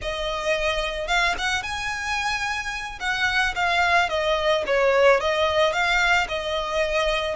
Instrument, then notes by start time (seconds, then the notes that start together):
violin
0.01 D#5
1.07 F5
1.38 F#5
1.62 G#5
3.00 F#5
3.55 F5
4.09 D#5
4.66 C#5
5.20 D#5
5.72 F5
6.28 D#5